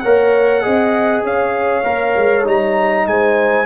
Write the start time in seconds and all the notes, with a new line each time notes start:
0.00 A#3 A#4 C#5 F#5
0.62 C4 G#4 D#5
1.22 C#4 C#5 F5
1.84 A#3 A#4
2.16 G#3
2.44 G3 D#4 A#5
3.06 G#3 C5 G#5